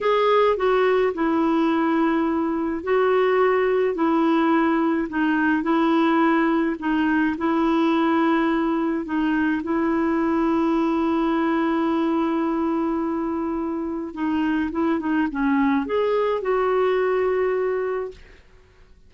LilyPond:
\new Staff \with { instrumentName = "clarinet" } { \time 4/4 \tempo 4 = 106 gis'4 fis'4 e'2~ | e'4 fis'2 e'4~ | e'4 dis'4 e'2 | dis'4 e'2. |
dis'4 e'2.~ | e'1~ | e'4 dis'4 e'8 dis'8 cis'4 | gis'4 fis'2. | }